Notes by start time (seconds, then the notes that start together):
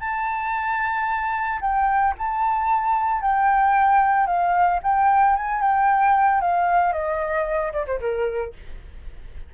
0.00 A5
1.61 G5
2.18 A5
3.21 G5
4.26 F5
4.83 G5
5.36 G#5
5.61 G5
6.41 F5
6.92 D#5
7.72 D5
7.86 C5
8.00 A#4